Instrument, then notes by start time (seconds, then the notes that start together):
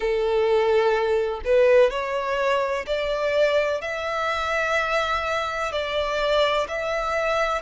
violin
0.00 A4
1.45 B4
1.90 C#5
2.86 D5
3.81 E5
5.71 D5
6.68 E5